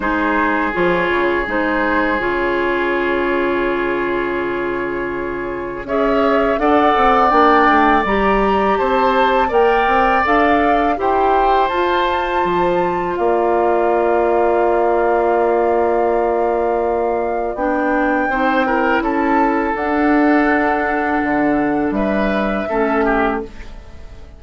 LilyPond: <<
  \new Staff \with { instrumentName = "flute" } { \time 4/4 \tempo 4 = 82 c''4 cis''4 c''4 cis''4~ | cis''1 | e''4 fis''4 g''4 ais''4 | a''4 g''4 f''4 g''4 |
a''2 f''2~ | f''1 | g''2 a''4 fis''4~ | fis''2 e''2 | }
  \new Staff \with { instrumentName = "oboe" } { \time 4/4 gis'1~ | gis'1 | cis''4 d''2. | c''4 d''2 c''4~ |
c''2 d''2~ | d''1~ | d''4 c''8 ais'8 a'2~ | a'2 b'4 a'8 g'8 | }
  \new Staff \with { instrumentName = "clarinet" } { \time 4/4 dis'4 f'4 dis'4 f'4~ | f'1 | gis'4 a'4 d'4 g'4~ | g'4 ais'4 a'4 g'4 |
f'1~ | f'1 | d'4 dis'8 e'4. d'4~ | d'2. cis'4 | }
  \new Staff \with { instrumentName = "bassoon" } { \time 4/4 gis4 f8 cis8 gis4 cis4~ | cis1 | cis'4 d'8 c'8 ais8 a8 g4 | c'4 ais8 c'8 d'4 e'4 |
f'4 f4 ais2~ | ais1 | b4 c'4 cis'4 d'4~ | d'4 d4 g4 a4 | }
>>